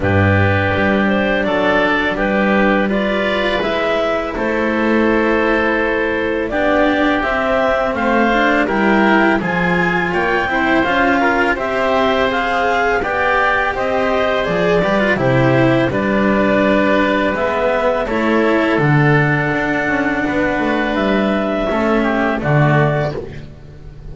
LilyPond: <<
  \new Staff \with { instrumentName = "clarinet" } { \time 4/4 \tempo 4 = 83 b'4. c''8 d''4 b'4 | d''4 e''4 c''2~ | c''4 d''4 e''4 f''4 | g''4 gis''4 g''4 f''4 |
e''4 f''4 g''4 dis''4 | d''4 c''4 d''2 | e''4 cis''4 fis''2~ | fis''4 e''2 d''4 | }
  \new Staff \with { instrumentName = "oboe" } { \time 4/4 g'2 a'4 g'4 | b'2 a'2~ | a'4 g'2 c''4 | ais'4 gis'4 cis''8 c''4 ais'8 |
c''2 d''4 c''4~ | c''8 b'8 g'4 b'2~ | b'4 a'2. | b'2 a'8 g'8 fis'4 | }
  \new Staff \with { instrumentName = "cello" } { \time 4/4 d'1 | f'4 e'2.~ | e'4 d'4 c'4. d'8 | e'4 f'4. e'8 f'4 |
g'4 gis'4 g'2 | gis'8 g'16 f'16 e'4 d'2 | b4 e'4 d'2~ | d'2 cis'4 a4 | }
  \new Staff \with { instrumentName = "double bass" } { \time 4/4 g,4 g4 fis4 g4~ | g4 gis4 a2~ | a4 b4 c'4 a4 | g4 f4 ais8 c'8 cis'4 |
c'2 b4 c'4 | f8 g8 c4 g2 | gis4 a4 d4 d'8 cis'8 | b8 a8 g4 a4 d4 | }
>>